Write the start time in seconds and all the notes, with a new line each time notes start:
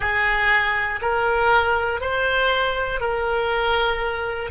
0.00 G#4
1.01 A#4
2.00 C5
3.00 A#4